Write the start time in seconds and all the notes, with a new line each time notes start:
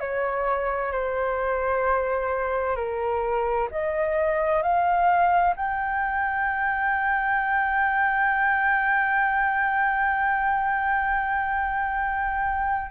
0.00 C#5
0.92 C5
2.76 A#4
3.71 D#5
4.62 F5
5.56 G5